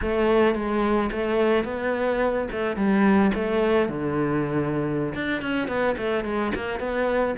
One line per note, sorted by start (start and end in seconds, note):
0.01 0.55 A3
0.55 1.10 G#3
1.11 1.64 A3
1.64 2.47 B3
2.52 2.76 A3
2.76 3.31 G3
3.34 3.89 A3
3.89 5.14 D3
5.14 5.41 D4
5.41 5.67 C#4
5.67 5.95 B3
5.97 6.24 A3
6.24 6.52 G#3
6.55 6.79 A#3
6.79 7.35 B3